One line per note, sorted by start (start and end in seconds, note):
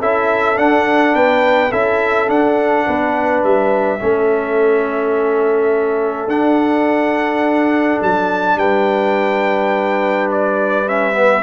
0.00 0.57 C#4
0.00 0.55 E4
0.00 1.14 A4
0.00 0.58 E5
0.55 1.69 D4
0.55 1.14 D4
0.55 1.15 F#5
1.15 1.72 B3
1.15 1.71 B4
1.15 1.72 G5
1.71 2.29 C#4
1.71 2.27 E4
1.71 2.85 A4
1.71 2.29 E5
2.27 3.99 D4
2.27 2.86 D4
2.27 3.43 F#5
2.86 3.43 B3
2.86 4.00 B4
3.43 4.00 G3
3.43 6.29 E5
4.00 6.27 A3
4.00 6.28 C#4
4.00 8.58 A4
6.27 7.98 D4
6.27 10.85 D4
6.27 8.00 F#5
8.01 8.55 F#3
8.01 8.58 A5
8.55 11.41 G3
8.55 11.42 B4
8.55 10.30 G5
10.31 10.88 D5
10.86 11.12 C#4
10.86 11.42 E5
11.12 11.41 B3